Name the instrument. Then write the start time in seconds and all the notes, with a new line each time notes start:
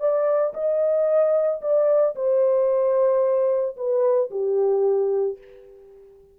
horn
0.00 D5
0.54 D#5
1.61 D5
2.15 C5
3.76 B4
4.31 G4